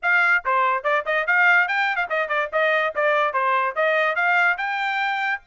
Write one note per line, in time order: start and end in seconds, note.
0.02 0.44 F5
0.45 0.83 C5
0.83 1.04 D5
1.05 1.26 D#5
1.27 1.68 F5
1.68 1.96 G5
1.96 2.06 F5
2.09 2.28 D#5
2.28 2.49 D5
2.52 2.94 D#5
2.95 3.33 D5
3.33 3.74 C5
3.75 4.15 D#5
4.15 4.57 F5
4.57 5.41 G5